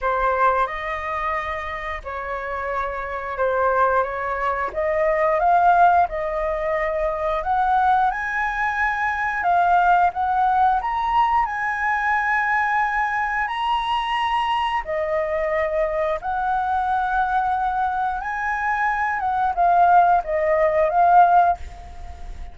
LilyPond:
\new Staff \with { instrumentName = "flute" } { \time 4/4 \tempo 4 = 89 c''4 dis''2 cis''4~ | cis''4 c''4 cis''4 dis''4 | f''4 dis''2 fis''4 | gis''2 f''4 fis''4 |
ais''4 gis''2. | ais''2 dis''2 | fis''2. gis''4~ | gis''8 fis''8 f''4 dis''4 f''4 | }